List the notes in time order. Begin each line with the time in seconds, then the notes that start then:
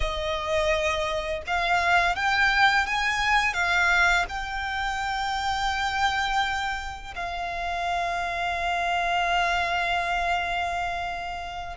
0.00 D#5
1.46 F5
2.15 G5
2.86 G#5
3.53 F5
4.28 G5
7.15 F5